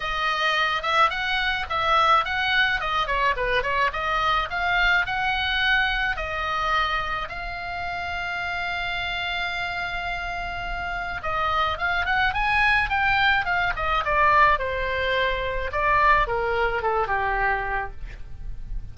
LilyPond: \new Staff \with { instrumentName = "oboe" } { \time 4/4 \tempo 4 = 107 dis''4. e''8 fis''4 e''4 | fis''4 dis''8 cis''8 b'8 cis''8 dis''4 | f''4 fis''2 dis''4~ | dis''4 f''2.~ |
f''1 | dis''4 f''8 fis''8 gis''4 g''4 | f''8 dis''8 d''4 c''2 | d''4 ais'4 a'8 g'4. | }